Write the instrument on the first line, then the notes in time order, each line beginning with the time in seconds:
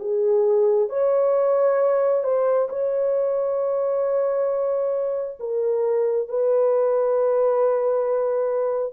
horn
0.00 G#4
0.90 C#5
2.24 C5
2.69 C#5
5.40 A#4
6.28 B4